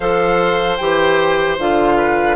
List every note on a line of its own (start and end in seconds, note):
0.00 0.79 F3
0.00 0.79 A4
0.00 1.96 C5
0.00 0.76 F5
0.76 1.58 E3
0.76 1.58 G4
0.76 1.55 G5
1.58 2.36 D3
1.58 2.36 F4
1.58 2.36 F5
1.97 2.36 B4